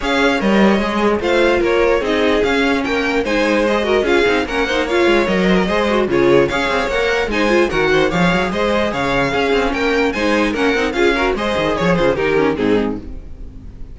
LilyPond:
<<
  \new Staff \with { instrumentName = "violin" } { \time 4/4 \tempo 4 = 148 f''4 dis''2 f''4 | cis''4 dis''4 f''4 g''4 | gis''4 dis''4 f''4 fis''4 | f''4 dis''2 cis''4 |
f''4 fis''4 gis''4 fis''4 | f''4 dis''4 f''2 | g''4 gis''4 fis''4 f''4 | dis''4 cis''8 c''8 ais'4 gis'4 | }
  \new Staff \with { instrumentName = "violin" } { \time 4/4 cis''2. c''4 | ais'4 gis'2 ais'4 | c''4. ais'8 gis'4 ais'8 c''8 | cis''4. c''16 ais'16 c''4 gis'4 |
cis''2 c''4 ais'8 c''8 | cis''4 c''4 cis''4 gis'4 | ais'4 c''4 ais'4 gis'8 ais'8 | c''4 cis''8 f'8 g'4 dis'4 | }
  \new Staff \with { instrumentName = "viola" } { \time 4/4 gis'4 ais'4 gis'4 f'4~ | f'4 dis'4 cis'2 | dis'4 gis'8 fis'8 f'8 dis'8 cis'8 dis'8 | f'4 ais'4 gis'8 fis'8 f'4 |
gis'4 ais'4 dis'8 f'8 fis'4 | gis'2. cis'4~ | cis'4 dis'4 cis'8 dis'8 f'8 fis'8 | gis'2 dis'8 cis'8 c'4 | }
  \new Staff \with { instrumentName = "cello" } { \time 4/4 cis'4 g4 gis4 a4 | ais4 c'4 cis'4 ais4 | gis2 cis'8 c'8 ais4~ | ais8 gis8 fis4 gis4 cis4 |
cis'8 c'8 ais4 gis4 dis4 | f8 fis8 gis4 cis4 cis'8 c'8 | ais4 gis4 ais8 c'8 cis'4 | gis8 dis8 f8 cis8 dis4 gis,4 | }
>>